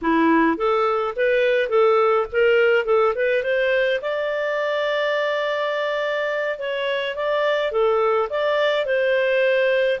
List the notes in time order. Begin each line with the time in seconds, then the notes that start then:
0.01 E4
0.57 A4
1.16 B4
1.69 A4
2.31 A#4
2.85 A4
3.15 B4
3.43 C5
4.01 D5
6.58 C#5
7.15 D5
7.71 A4
8.29 D5
8.85 C5